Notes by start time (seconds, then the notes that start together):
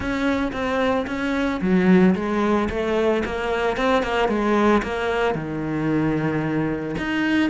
0.00 C#4
0.52 C4
1.06 C#4
1.61 F#3
2.15 G#3
2.69 A3
3.25 A#3
3.76 C4
4.03 A#3
4.28 G#3
4.82 A#3
5.34 D#3
6.97 D#4